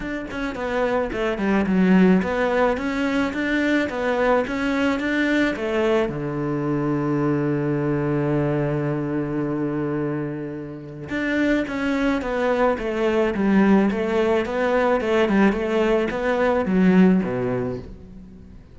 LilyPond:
\new Staff \with { instrumentName = "cello" } { \time 4/4 \tempo 4 = 108 d'8 cis'8 b4 a8 g8 fis4 | b4 cis'4 d'4 b4 | cis'4 d'4 a4 d4~ | d1~ |
d1 | d'4 cis'4 b4 a4 | g4 a4 b4 a8 g8 | a4 b4 fis4 b,4 | }